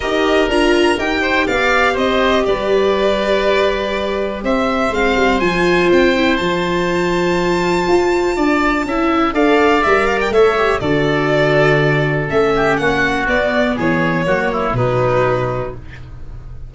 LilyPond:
<<
  \new Staff \with { instrumentName = "violin" } { \time 4/4 \tempo 4 = 122 dis''4 ais''4 g''4 f''4 | dis''4 d''2.~ | d''4 e''4 f''4 gis''4 | g''4 a''2.~ |
a''2. f''4 | e''8 f''16 g''16 e''4 d''2~ | d''4 e''4 fis''4 d''4 | cis''2 b'2 | }
  \new Staff \with { instrumentName = "oboe" } { \time 4/4 ais'2~ ais'8 c''8 d''4 | c''4 b'2.~ | b'4 c''2.~ | c''1~ |
c''4 d''4 e''4 d''4~ | d''4 cis''4 a'2~ | a'4. g'8 fis'2 | gis'4 fis'8 e'8 dis'2 | }
  \new Staff \with { instrumentName = "viola" } { \time 4/4 g'4 f'4 g'2~ | g'1~ | g'2 c'4 f'4~ | f'8 e'8 f'2.~ |
f'2 e'4 a'4 | ais'4 a'8 g'8 fis'2~ | fis'4 cis'2 b4~ | b4 ais4 fis2 | }
  \new Staff \with { instrumentName = "tuba" } { \time 4/4 dis'4 d'4 dis'4 b4 | c'4 g2.~ | g4 c'4 gis8 g8 f4 | c'4 f2. |
f'4 d'4 cis'4 d'4 | g4 a4 d2~ | d4 a4 ais4 b4 | e4 fis4 b,2 | }
>>